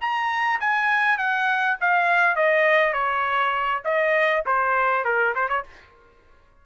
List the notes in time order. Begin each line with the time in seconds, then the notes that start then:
0.00 A#5
0.60 G#5
1.17 F#5
1.80 F5
2.35 D#5
2.93 C#5
3.84 D#5
4.46 C5
5.04 A#4
5.35 C5
5.48 C#5